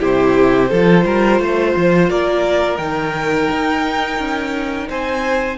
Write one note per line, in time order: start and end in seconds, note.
0.00 0.72 C3
0.00 0.70 E4
0.00 0.70 G4
0.00 2.10 C5
0.70 1.05 F3
0.70 2.80 F4
0.70 1.05 A4
1.05 1.40 G3
1.05 1.41 A#4
1.40 1.75 A3
1.40 2.10 C5
1.77 2.11 F3
2.10 2.79 A#3
2.10 4.89 A#4
2.10 2.78 D5
2.78 3.49 D#3
2.78 5.59 D#4
2.78 4.87 G5
3.51 4.19 D#4
4.19 4.89 C#4
4.90 5.59 C4
4.90 5.59 C5
4.90 5.59 G#5